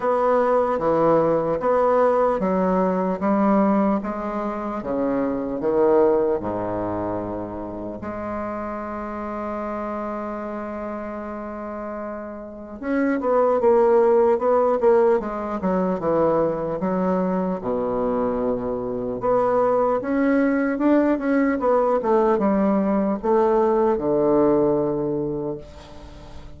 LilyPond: \new Staff \with { instrumentName = "bassoon" } { \time 4/4 \tempo 4 = 75 b4 e4 b4 fis4 | g4 gis4 cis4 dis4 | gis,2 gis2~ | gis1 |
cis'8 b8 ais4 b8 ais8 gis8 fis8 | e4 fis4 b,2 | b4 cis'4 d'8 cis'8 b8 a8 | g4 a4 d2 | }